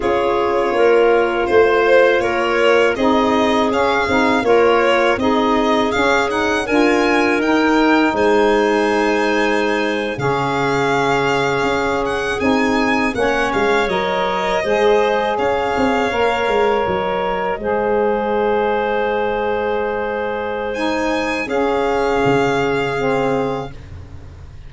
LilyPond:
<<
  \new Staff \with { instrumentName = "violin" } { \time 4/4 \tempo 4 = 81 cis''2 c''4 cis''4 | dis''4 f''4 cis''4 dis''4 | f''8 fis''8 gis''4 g''4 gis''4~ | gis''4.~ gis''16 f''2~ f''16~ |
f''16 fis''8 gis''4 fis''8 f''8 dis''4~ dis''16~ | dis''8. f''2 dis''4~ dis''16~ | dis''1 | gis''4 f''2. | }
  \new Staff \with { instrumentName = "clarinet" } { \time 4/4 gis'4 ais'4 c''4 ais'4 | gis'2 ais'4 gis'4~ | gis'4 ais'2 c''4~ | c''4.~ c''16 gis'2~ gis'16~ |
gis'4.~ gis'16 cis''2 c''16~ | c''8. cis''2. c''16~ | c''1~ | c''4 gis'2. | }
  \new Staff \with { instrumentName = "saxophone" } { \time 4/4 f'1 | dis'4 cis'8 dis'8 f'4 dis'4 | cis'8 dis'8 f'4 dis'2~ | dis'4.~ dis'16 cis'2~ cis'16~ |
cis'8. dis'4 cis'4 ais'4 gis'16~ | gis'4.~ gis'16 ais'2 gis'16~ | gis'1 | dis'4 cis'2 c'4 | }
  \new Staff \with { instrumentName = "tuba" } { \time 4/4 cis'4 ais4 a4 ais4 | c'4 cis'8 c'8 ais4 c'4 | cis'4 d'4 dis'4 gis4~ | gis4.~ gis16 cis2 cis'16~ |
cis'8. c'4 ais8 gis8 fis4 gis16~ | gis8. cis'8 c'8 ais8 gis8 fis4 gis16~ | gis1~ | gis4 cis'4 cis2 | }
>>